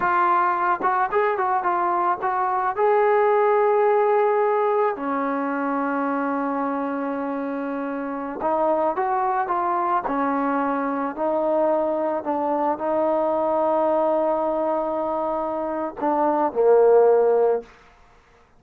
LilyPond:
\new Staff \with { instrumentName = "trombone" } { \time 4/4 \tempo 4 = 109 f'4. fis'8 gis'8 fis'8 f'4 | fis'4 gis'2.~ | gis'4 cis'2.~ | cis'2.~ cis'16 dis'8.~ |
dis'16 fis'4 f'4 cis'4.~ cis'16~ | cis'16 dis'2 d'4 dis'8.~ | dis'1~ | dis'4 d'4 ais2 | }